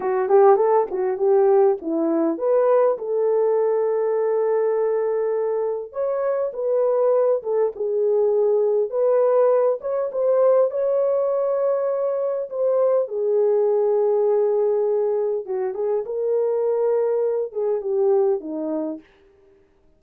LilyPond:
\new Staff \with { instrumentName = "horn" } { \time 4/4 \tempo 4 = 101 fis'8 g'8 a'8 fis'8 g'4 e'4 | b'4 a'2.~ | a'2 cis''4 b'4~ | b'8 a'8 gis'2 b'4~ |
b'8 cis''8 c''4 cis''2~ | cis''4 c''4 gis'2~ | gis'2 fis'8 gis'8 ais'4~ | ais'4. gis'8 g'4 dis'4 | }